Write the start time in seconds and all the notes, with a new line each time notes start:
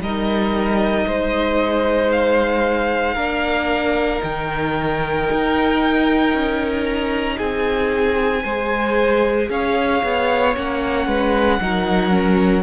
0.00 G3 D#4 A#4 D#5
1.07 G#3 C5
2.12 F5
3.14 A#3 D4 A#4
4.20 D#3 D#4 G5
5.32 D#4
6.34 C#4
6.85 A#5
7.37 C4 G#4 G#5
8.44 G#3 G#4 C5
9.50 C#4 C#5 F5
10.03 B3
10.55 A#3 C#4 F#5
11.07 G#3 B4
11.61 F#3 D#4 A#4
12.10 C#4